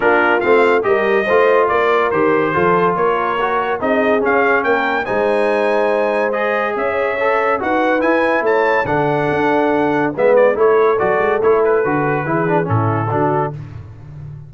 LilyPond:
<<
  \new Staff \with { instrumentName = "trumpet" } { \time 4/4 \tempo 4 = 142 ais'4 f''4 dis''2 | d''4 c''2 cis''4~ | cis''4 dis''4 f''4 g''4 | gis''2. dis''4 |
e''2 fis''4 gis''4 | a''4 fis''2. | e''8 d''8 cis''4 d''4 cis''8 b'8~ | b'2 a'2 | }
  \new Staff \with { instrumentName = "horn" } { \time 4/4 f'2 ais'4 c''4 | ais'2 a'4 ais'4~ | ais'4 gis'2 ais'4 | c''1 |
cis''2 b'2 | cis''4 a'2. | b'4 a'2.~ | a'4 gis'4 e'4 fis'4 | }
  \new Staff \with { instrumentName = "trombone" } { \time 4/4 d'4 c'4 g'4 f'4~ | f'4 g'4 f'2 | fis'4 dis'4 cis'2 | dis'2. gis'4~ |
gis'4 a'4 fis'4 e'4~ | e'4 d'2. | b4 e'4 fis'4 e'4 | fis'4 e'8 d'8 cis'4 d'4 | }
  \new Staff \with { instrumentName = "tuba" } { \time 4/4 ais4 a4 g4 a4 | ais4 dis4 f4 ais4~ | ais4 c'4 cis'4 ais4 | gis1 |
cis'2 dis'4 e'4 | a4 d4 d'2 | gis4 a4 fis8 gis8 a4 | d4 e4 a,4 d4 | }
>>